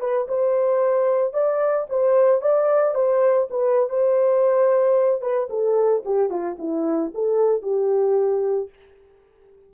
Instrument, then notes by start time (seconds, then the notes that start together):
horn
0.00 B4
0.28 C5
1.33 D5
1.89 C5
2.41 D5
2.94 C5
3.50 B4
3.89 C5
5.21 B4
5.50 A4
6.05 G4
6.29 F4
6.58 E4
7.14 A4
7.62 G4